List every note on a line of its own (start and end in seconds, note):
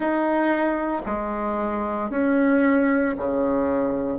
0.00 1.01 D#4
1.05 2.10 G#3
2.10 3.15 C#4
3.17 4.18 C#3